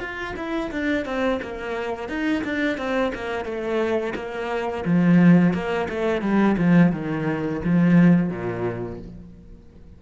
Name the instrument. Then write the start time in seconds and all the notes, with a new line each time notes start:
cello
0.00 F4
0.36 E4
0.71 D4
1.05 C4
1.42 A#3
2.09 D#4
2.44 D4
2.77 C4
3.15 A#3
3.45 A3
4.15 A#3
4.85 F3
5.54 A#3
5.89 A3
6.22 G3
6.58 F3
6.92 D#3
7.65 F3
8.30 A#2